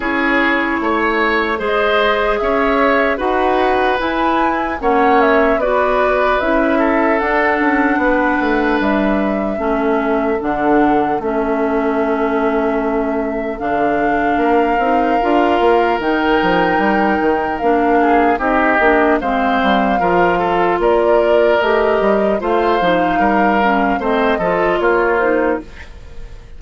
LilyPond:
<<
  \new Staff \with { instrumentName = "flute" } { \time 4/4 \tempo 4 = 75 cis''2 dis''4 e''4 | fis''4 gis''4 fis''8 e''8 d''4 | e''4 fis''2 e''4~ | e''4 fis''4 e''2~ |
e''4 f''2. | g''2 f''4 dis''4 | f''2 d''4 dis''4 | f''2 dis''4 cis''8 c''8 | }
  \new Staff \with { instrumentName = "oboe" } { \time 4/4 gis'4 cis''4 c''4 cis''4 | b'2 cis''4 b'4~ | b'8 a'4. b'2 | a'1~ |
a'2 ais'2~ | ais'2~ ais'8 gis'8 g'4 | c''4 ais'8 a'8 ais'2 | c''4 ais'4 c''8 a'8 f'4 | }
  \new Staff \with { instrumentName = "clarinet" } { \time 4/4 e'2 gis'2 | fis'4 e'4 cis'4 fis'4 | e'4 d'2. | cis'4 d'4 cis'2~ |
cis'4 d'4. dis'8 f'4 | dis'2 d'4 dis'8 d'8 | c'4 f'2 g'4 | f'8 dis'4 cis'8 c'8 f'4 dis'8 | }
  \new Staff \with { instrumentName = "bassoon" } { \time 4/4 cis'4 a4 gis4 cis'4 | dis'4 e'4 ais4 b4 | cis'4 d'8 cis'8 b8 a8 g4 | a4 d4 a2~ |
a4 d4 ais8 c'8 d'8 ais8 | dis8 f8 g8 dis8 ais4 c'8 ais8 | gis8 g8 f4 ais4 a8 g8 | a8 f8 g4 a8 f8 ais4 | }
>>